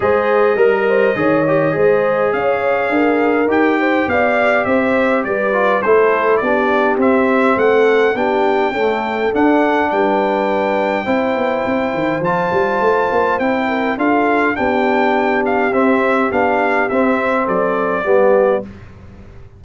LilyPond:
<<
  \new Staff \with { instrumentName = "trumpet" } { \time 4/4 \tempo 4 = 103 dis''1 | f''2 g''4 f''4 | e''4 d''4 c''4 d''4 | e''4 fis''4 g''2 |
fis''4 g''2.~ | g''4 a''2 g''4 | f''4 g''4. f''8 e''4 | f''4 e''4 d''2 | }
  \new Staff \with { instrumentName = "horn" } { \time 4/4 c''4 ais'8 c''8 cis''4 c''4 | cis''4 ais'4. c''8 d''4 | c''4 b'4 a'4 g'4~ | g'4 a'4 g'4 a'4~ |
a'4 b'2 c''4~ | c''2.~ c''8 ais'8 | a'4 g'2.~ | g'2 a'4 g'4 | }
  \new Staff \with { instrumentName = "trombone" } { \time 4/4 gis'4 ais'4 gis'8 g'8 gis'4~ | gis'2 g'2~ | g'4. f'8 e'4 d'4 | c'2 d'4 a4 |
d'2. e'4~ | e'4 f'2 e'4 | f'4 d'2 c'4 | d'4 c'2 b4 | }
  \new Staff \with { instrumentName = "tuba" } { \time 4/4 gis4 g4 dis4 gis4 | cis'4 d'4 dis'4 b4 | c'4 g4 a4 b4 | c'4 a4 b4 cis'4 |
d'4 g2 c'8 b8 | c'8 dis8 f8 g8 a8 ais8 c'4 | d'4 b2 c'4 | b4 c'4 fis4 g4 | }
>>